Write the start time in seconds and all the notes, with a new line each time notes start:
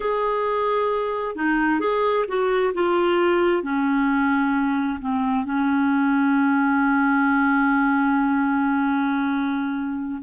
0.00 G#4
1.35 D#4
1.80 G#4
2.27 F#4
2.74 F4
3.62 C#4
5.00 C4
5.44 C#4